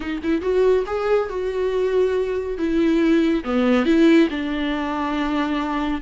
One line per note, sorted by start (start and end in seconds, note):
0.00 0.21 D#4
0.23 0.41 E4
0.41 0.84 F#4
0.86 1.29 G#4
1.29 2.58 F#4
2.58 3.43 E4
3.44 3.85 B3
3.85 4.28 E4
4.30 6.01 D4